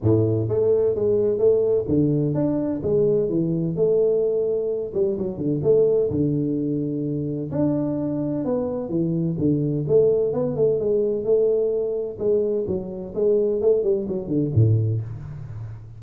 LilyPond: \new Staff \with { instrumentName = "tuba" } { \time 4/4 \tempo 4 = 128 a,4 a4 gis4 a4 | d4 d'4 gis4 e4 | a2~ a8 g8 fis8 d8 | a4 d2. |
d'2 b4 e4 | d4 a4 b8 a8 gis4 | a2 gis4 fis4 | gis4 a8 g8 fis8 d8 a,4 | }